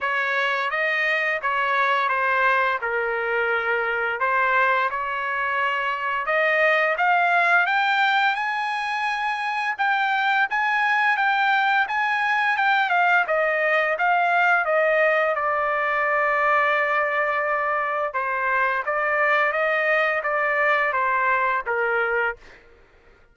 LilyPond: \new Staff \with { instrumentName = "trumpet" } { \time 4/4 \tempo 4 = 86 cis''4 dis''4 cis''4 c''4 | ais'2 c''4 cis''4~ | cis''4 dis''4 f''4 g''4 | gis''2 g''4 gis''4 |
g''4 gis''4 g''8 f''8 dis''4 | f''4 dis''4 d''2~ | d''2 c''4 d''4 | dis''4 d''4 c''4 ais'4 | }